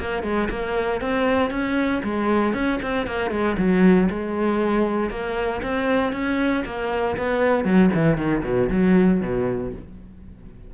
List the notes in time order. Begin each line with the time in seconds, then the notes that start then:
0.00 A#3
0.23 G#3
0.50 A#3
1.01 C4
1.51 C#4
2.03 G#3
2.54 C#4
2.82 C4
3.07 A#3
3.31 G#3
3.58 F#3
4.10 G#3
5.10 A#3
5.62 C4
6.13 C#4
6.65 A#3
7.17 B3
7.65 F#3
7.94 E3
8.17 D#3
8.44 B2
8.70 F#3
9.21 B2